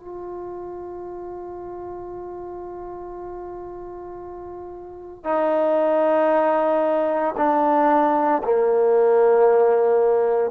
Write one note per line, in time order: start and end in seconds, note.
0.00 5.24 F4
5.24 7.35 D#4
7.37 8.43 D4
8.44 10.51 A#3